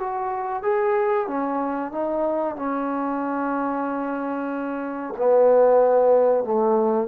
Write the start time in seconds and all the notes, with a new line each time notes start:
0.00 F#4
0.63 G#4
1.28 C#4
1.92 D#4
2.56 C#4
5.18 B3
6.45 A3